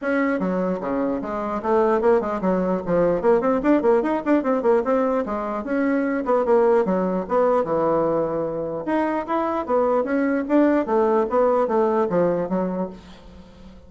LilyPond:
\new Staff \with { instrumentName = "bassoon" } { \time 4/4 \tempo 4 = 149 cis'4 fis4 cis4 gis4 | a4 ais8 gis8 fis4 f4 | ais8 c'8 d'8 ais8 dis'8 d'8 c'8 ais8 | c'4 gis4 cis'4. b8 |
ais4 fis4 b4 e4~ | e2 dis'4 e'4 | b4 cis'4 d'4 a4 | b4 a4 f4 fis4 | }